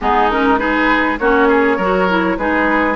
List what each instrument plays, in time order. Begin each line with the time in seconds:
0.01 bassoon G#3, clarinet B3, oboe D#4, flute G#4
0.30 clarinet C#4, flute A#4
0.57 clarinet D#4, oboe G#4, flute B4
1.18 bassoon A#3, clarinet C#4, oboe F#4, flute C#5
1.47 oboe G#4
1.76 bassoon F#3, clarinet F#4, oboe A#4
2.09 clarinet E4
2.37 bassoon G#3, clarinet D#4, oboe G#4, flute B4